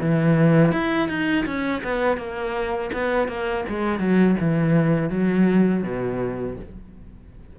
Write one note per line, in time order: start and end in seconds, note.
0.00 0.72 E3
0.72 1.08 E4
1.08 1.45 D#4
1.45 1.82 C#4
1.83 2.17 B3
2.17 2.90 A#3
2.93 3.28 B3
3.28 3.64 A#3
3.69 3.99 G#3
3.99 4.36 F#3
4.40 5.09 E3
5.09 5.82 F#3
5.83 6.56 B2